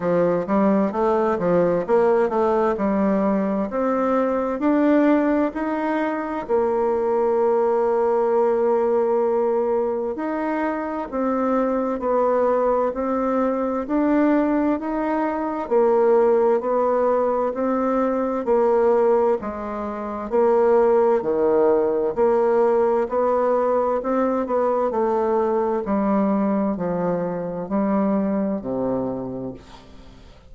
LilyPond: \new Staff \with { instrumentName = "bassoon" } { \time 4/4 \tempo 4 = 65 f8 g8 a8 f8 ais8 a8 g4 | c'4 d'4 dis'4 ais4~ | ais2. dis'4 | c'4 b4 c'4 d'4 |
dis'4 ais4 b4 c'4 | ais4 gis4 ais4 dis4 | ais4 b4 c'8 b8 a4 | g4 f4 g4 c4 | }